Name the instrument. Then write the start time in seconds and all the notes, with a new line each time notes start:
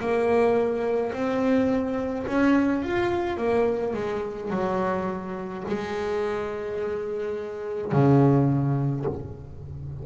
double bass
0.00 A#3
1.12 C4
2.26 C#4
2.82 F4
3.37 A#3
3.93 G#3
4.50 F#3
5.68 G#3
7.91 C#3